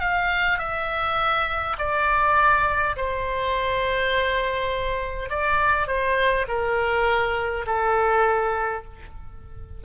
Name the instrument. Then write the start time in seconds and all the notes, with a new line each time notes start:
oboe
0.00 F5
0.58 E5
1.78 D5
2.96 C5
5.29 D5
5.87 C5
6.48 A#4
7.66 A4